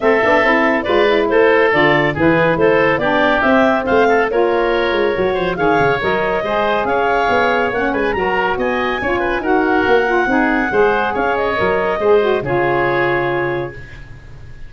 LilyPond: <<
  \new Staff \with { instrumentName = "clarinet" } { \time 4/4 \tempo 4 = 140 e''2 d''4 c''4 | d''4 b'4 c''4 d''4 | e''4 f''4 cis''2~ | cis''4 f''4 dis''2 |
f''2 fis''8 gis''8 ais''4 | gis''2 fis''2~ | fis''2 f''8 dis''4.~ | dis''4 cis''2. | }
  \new Staff \with { instrumentName = "oboe" } { \time 4/4 a'2 b'4 a'4~ | a'4 gis'4 a'4 g'4~ | g'4 c''8 a'8 ais'2~ | ais'8 c''8 cis''2 c''4 |
cis''2~ cis''8 b'8 ais'4 | dis''4 cis''8 b'8 ais'2 | gis'4 c''4 cis''2 | c''4 gis'2. | }
  \new Staff \with { instrumentName = "saxophone" } { \time 4/4 c'8 d'8 e'4 f'8 e'4. | f'4 e'2 d'4 | c'2 f'2 | fis'4 gis'4 ais'4 gis'4~ |
gis'2 cis'4 fis'4~ | fis'4 f'4 fis'4. f'8 | dis'4 gis'2 ais'4 | gis'8 fis'8 f'2. | }
  \new Staff \with { instrumentName = "tuba" } { \time 4/4 a8 b8 c'4 gis4 a4 | d4 e4 a4 b4 | c'4 a4 ais4. gis8 | fis8 f8 dis8 cis8 fis4 gis4 |
cis'4 b4 ais8 gis8 fis4 | b4 cis'4 dis'4 ais4 | c'4 gis4 cis'4 fis4 | gis4 cis2. | }
>>